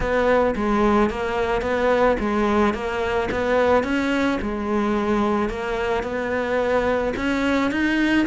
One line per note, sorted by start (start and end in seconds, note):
0.00 0.54 B3
0.55 1.10 G#3
1.10 1.61 A#3
1.61 2.16 B3
2.19 2.74 G#3
2.74 3.29 A#3
3.31 3.83 B3
3.83 4.38 C#4
4.41 5.49 G#3
5.49 6.03 A#3
6.03 7.13 B3
7.16 7.71 C#4
7.71 8.26 D#4